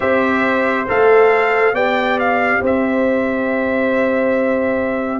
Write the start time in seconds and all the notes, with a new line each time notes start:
0.00 C4 G4 C5 E5
0.87 A3 A4 F5
1.73 B3 G4 D5 G5
2.19 F5
2.60 C4 C5 E5